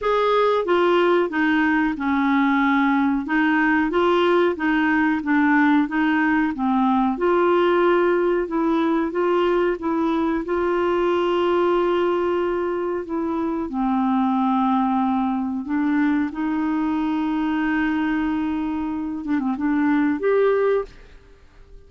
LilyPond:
\new Staff \with { instrumentName = "clarinet" } { \time 4/4 \tempo 4 = 92 gis'4 f'4 dis'4 cis'4~ | cis'4 dis'4 f'4 dis'4 | d'4 dis'4 c'4 f'4~ | f'4 e'4 f'4 e'4 |
f'1 | e'4 c'2. | d'4 dis'2.~ | dis'4. d'16 c'16 d'4 g'4 | }